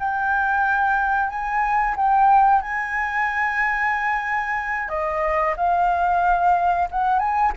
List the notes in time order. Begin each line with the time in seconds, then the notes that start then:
0.00 G5
1.29 G#5
1.97 G5
2.62 G#5
4.89 D#5
5.57 F5
6.91 F#5
7.20 G#5